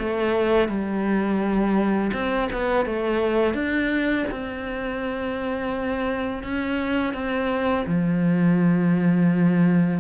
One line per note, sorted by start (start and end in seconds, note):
0.00 0.69 A3
0.69 2.12 G3
2.14 2.49 C4
2.53 2.86 B3
2.86 3.54 A3
3.54 4.26 D4
4.31 6.44 C4
6.44 7.14 C#4
7.14 7.86 C4
7.87 10.00 F3